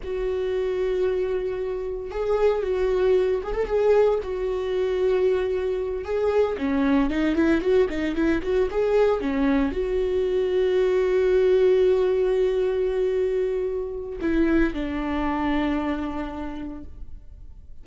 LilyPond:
\new Staff \with { instrumentName = "viola" } { \time 4/4 \tempo 4 = 114 fis'1 | gis'4 fis'4. gis'16 a'16 gis'4 | fis'2.~ fis'8 gis'8~ | gis'8 cis'4 dis'8 e'8 fis'8 dis'8 e'8 |
fis'8 gis'4 cis'4 fis'4.~ | fis'1~ | fis'2. e'4 | d'1 | }